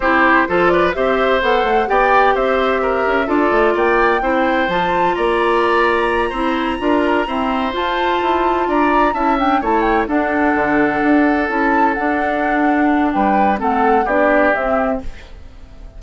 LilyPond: <<
  \new Staff \with { instrumentName = "flute" } { \time 4/4 \tempo 4 = 128 c''4. d''8 e''4 fis''4 | g''4 e''2 d''4 | g''2 a''4 ais''4~ | ais''1~ |
ais''8 a''2 ais''4 a''8 | g''8 a''8 g''8 fis''2~ fis''8~ | fis''8 a''4 fis''2~ fis''8 | g''4 fis''4 d''4 e''4 | }
  \new Staff \with { instrumentName = "oboe" } { \time 4/4 g'4 a'8 b'8 c''2 | d''4 c''4 ais'4 a'4 | d''4 c''2 d''4~ | d''4. c''4 ais'4 c''8~ |
c''2~ c''8 d''4 e''8~ | e''8 cis''4 a'2~ a'8~ | a'1 | b'4 a'4 g'2 | }
  \new Staff \with { instrumentName = "clarinet" } { \time 4/4 e'4 f'4 g'4 a'4 | g'2. f'4~ | f'4 e'4 f'2~ | f'4. e'4 f'4 c'8~ |
c'8 f'2. e'8 | d'8 e'4 d'2~ d'8~ | d'8 e'4 d'2~ d'8~ | d'4 c'4 d'4 c'4 | }
  \new Staff \with { instrumentName = "bassoon" } { \time 4/4 c'4 f4 c'4 b8 a8 | b4 c'4. cis'8 d'8 a8 | ais4 c'4 f4 ais4~ | ais4. c'4 d'4 e'8~ |
e'8 f'4 e'4 d'4 cis'8~ | cis'8 a4 d'4 d4 d'8~ | d'8 cis'4 d'2~ d'8 | g4 a4 b4 c'4 | }
>>